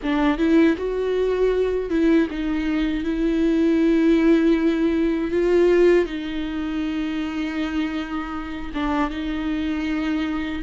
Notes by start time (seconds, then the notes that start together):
0.02 D4
0.38 E4
0.77 F#4
1.90 E4
2.30 D#4
3.04 E4
5.31 F4
6.05 D#4
8.73 D4
9.10 D#4